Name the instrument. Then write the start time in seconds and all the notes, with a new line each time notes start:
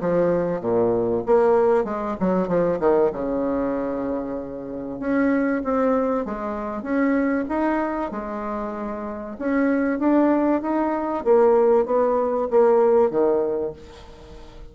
bassoon
0.00 F3
0.61 A#2
1.26 A#3
1.84 G#3
2.20 F#3
2.47 F3
2.80 D#3
3.12 C#3
4.99 C#4
5.64 C4
6.25 G#3
6.82 C#4
7.48 D#4
8.11 G#3
9.39 C#4
9.99 D4
10.62 D#4
11.24 A#3
11.86 B3
12.50 A#3
13.10 D#3